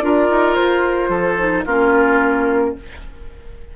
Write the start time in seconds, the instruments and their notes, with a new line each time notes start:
0.00 bassoon D4, clarinet F4, oboe A#4, flute D5
0.30 bassoon D#4
0.54 bassoon F4, flute C5
1.09 bassoon F3, oboe A4
1.38 clarinet D#4
1.65 bassoon A#3, clarinet C#4, oboe F4, flute A#4